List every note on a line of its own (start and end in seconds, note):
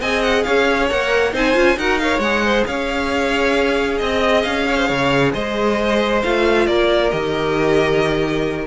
0.00 0.44 C4
0.00 0.90 G#4
0.00 0.45 D#5
0.00 0.22 G#5
0.22 0.43 F#5
0.43 0.91 C#4
0.43 1.32 C#5
0.43 0.88 F5
0.89 1.33 A#3
0.89 1.32 A#4
0.89 1.34 F#5
1.32 1.55 C4
1.32 1.54 D#4
1.32 1.77 C5
1.32 1.78 G#5
1.54 1.77 C#4
1.54 1.76 F4
1.77 2.19 D#4
1.77 2.00 F#4
1.77 2.01 A#4
1.77 1.98 F#5
1.98 2.22 A#4
1.98 2.45 C#5
1.98 2.19 F5
2.19 2.63 G#3
2.19 6.23 G#4
2.19 2.64 F#5
2.45 2.67 C5
2.66 4.00 C#4
2.66 3.98 C#5
2.66 4.00 F5
3.98 4.45 C4
3.98 4.64 D#5
3.98 4.43 D#5
4.43 4.89 C#4
4.43 5.32 F5
4.68 4.77 C#5
4.77 4.87 C5
4.87 5.34 C#3
4.87 5.32 C#5
5.33 6.23 G#3
5.33 6.67 C5
5.33 6.22 D#5
6.23 6.67 A3
6.23 7.11 F4
6.23 6.67 F5
6.67 7.11 A#3
6.67 8.66 A#4
6.67 7.11 D5
7.11 8.66 D#3
7.11 8.66 G4
7.11 8.66 D#5